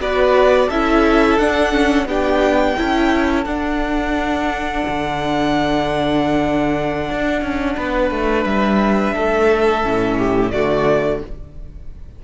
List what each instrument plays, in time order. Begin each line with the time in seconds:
0.00 cello B3, viola F#4, violin B4 D5
0.68 cello C#4, viola E4, violin A4 E5
1.38 cello D4, viola D4, violin F#5
1.72 viola C#4
2.05 cello B3, viola D4, violin G4 G5
2.77 cello C#4, viola E4, violin A4
3.45 cello D4, viola D4, violin F#5
4.88 cello D3
7.10 cello D4
7.42 cello C#4
7.77 cello B3, violin B4
8.11 cello A3
8.45 cello G3, violin E5
9.14 cello A3, violin A4
9.83 cello A2, viola C#4
10.18 violin G4
10.51 cello D3, viola A3, violin F#4 D5